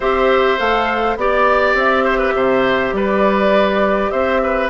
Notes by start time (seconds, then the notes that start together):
0.00 C4 G4 C5 E5
0.58 A3 A4 F5
1.16 B3 G4 D5
1.74 C4 E5
2.04 C5
2.18 B4
2.34 C3 C5
2.92 G3 B4 D5
4.10 C4 C5 E5
4.43 B4